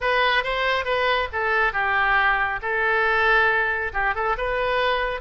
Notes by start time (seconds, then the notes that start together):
0.00 B4
0.43 C5
0.84 B4
1.32 A4
1.73 G4
2.62 A4
3.93 G4
4.14 A4
4.37 B4